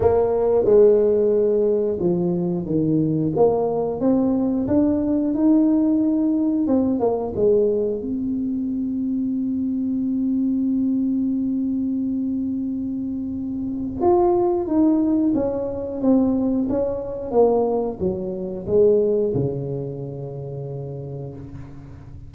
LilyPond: \new Staff \with { instrumentName = "tuba" } { \time 4/4 \tempo 4 = 90 ais4 gis2 f4 | dis4 ais4 c'4 d'4 | dis'2 c'8 ais8 gis4 | c'1~ |
c'1~ | c'4 f'4 dis'4 cis'4 | c'4 cis'4 ais4 fis4 | gis4 cis2. | }